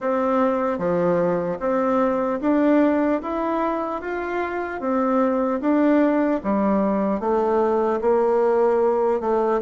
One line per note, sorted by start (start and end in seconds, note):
0.00 0.78 C4
0.78 1.58 F3
1.59 2.39 C4
2.41 3.21 D4
3.21 4.01 E4
4.01 4.80 F4
4.80 5.60 C4
5.60 6.40 D4
6.43 7.20 G3
7.20 8.00 A3
8.01 9.20 A#3
9.20 9.60 A3